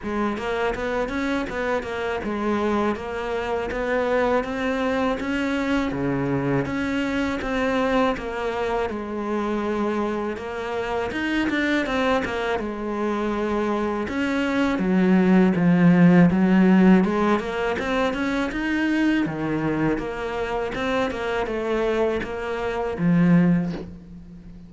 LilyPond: \new Staff \with { instrumentName = "cello" } { \time 4/4 \tempo 4 = 81 gis8 ais8 b8 cis'8 b8 ais8 gis4 | ais4 b4 c'4 cis'4 | cis4 cis'4 c'4 ais4 | gis2 ais4 dis'8 d'8 |
c'8 ais8 gis2 cis'4 | fis4 f4 fis4 gis8 ais8 | c'8 cis'8 dis'4 dis4 ais4 | c'8 ais8 a4 ais4 f4 | }